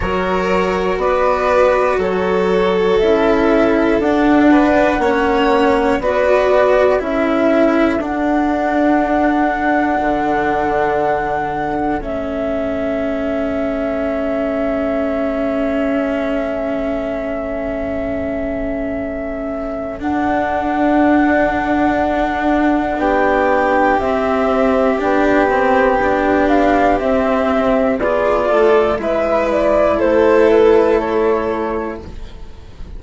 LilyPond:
<<
  \new Staff \with { instrumentName = "flute" } { \time 4/4 \tempo 4 = 60 cis''4 d''4 cis''4 e''4 | fis''2 d''4 e''4 | fis''1 | e''1~ |
e''1 | fis''2. g''4 | e''4 g''4. f''8 e''4 | d''4 e''8 d''8 c''8 b'8 cis''4 | }
  \new Staff \with { instrumentName = "violin" } { \time 4/4 ais'4 b'4 a'2~ | a'8 b'8 cis''4 b'4 a'4~ | a'1~ | a'1~ |
a'1~ | a'2. g'4~ | g'1 | gis'8 a'8 b'4 a'2 | }
  \new Staff \with { instrumentName = "cello" } { \time 4/4 fis'2. e'4 | d'4 cis'4 fis'4 e'4 | d'1 | cis'1~ |
cis'1 | d'1 | c'4 d'8 c'8 d'4 c'4 | f'4 e'2. | }
  \new Staff \with { instrumentName = "bassoon" } { \time 4/4 fis4 b4 fis4 cis'4 | d'4 ais4 b4 cis'4 | d'2 d2 | a1~ |
a1 | d'2. b4 | c'4 b2 c'4 | b8 a8 gis4 a2 | }
>>